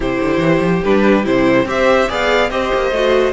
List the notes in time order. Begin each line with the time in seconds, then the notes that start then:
0.00 C3 E4 G4 C5
0.21 D3
0.38 E3
0.60 F3
0.83 G3 D4 B4
1.24 C3 E4 C5
1.64 C4 G4 C5 E5
2.08 B3 G#4 D5 F5
2.50 C4 G4 C5 D#5
2.73 A#3
2.91 A3 F#4